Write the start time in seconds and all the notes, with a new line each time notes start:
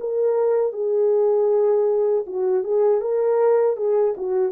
0.00 A#4
0.72 G#4
2.26 F#4
2.63 G#4
3.01 A#4
3.76 G#4
4.17 F#4